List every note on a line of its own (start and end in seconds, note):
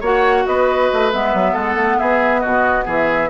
0.00 0.45 A#3
0.00 1.12 F#4
0.00 0.44 C#5
0.00 0.46 F#5
0.46 0.91 B3
0.46 1.53 B4
0.46 1.12 D#5
0.93 1.14 A3
1.12 1.34 G#3
1.12 3.30 B3
1.12 1.55 E5
1.34 1.55 F#3
1.53 1.75 G#3
1.53 1.96 A4
1.53 1.99 F#5
1.75 1.97 A3
1.99 2.45 B3
1.99 2.41 G#4
1.99 2.40 E5
2.40 2.87 B2
2.40 2.85 F#4
2.40 2.84 D#5
2.85 3.30 E3
2.85 3.29 G#4
2.85 3.30 E5